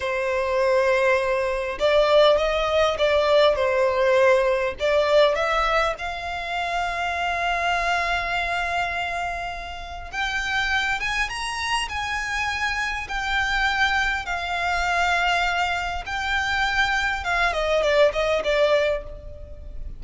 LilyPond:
\new Staff \with { instrumentName = "violin" } { \time 4/4 \tempo 4 = 101 c''2. d''4 | dis''4 d''4 c''2 | d''4 e''4 f''2~ | f''1~ |
f''4 g''4. gis''8 ais''4 | gis''2 g''2 | f''2. g''4~ | g''4 f''8 dis''8 d''8 dis''8 d''4 | }